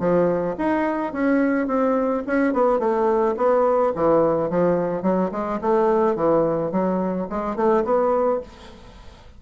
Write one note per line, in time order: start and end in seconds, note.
0.00 0.56 F3
0.58 1.13 D#4
1.13 1.67 C#4
1.67 2.24 C4
2.27 2.54 C#4
2.54 2.80 B3
2.80 3.36 A3
3.37 3.93 B3
3.96 4.50 E3
4.50 5.03 F3
5.03 5.31 F#3
5.32 5.60 G#3
5.61 6.16 A3
6.16 6.72 E3
6.72 7.28 F#3
7.30 7.56 G#3
7.56 7.84 A3
7.85 8.41 B3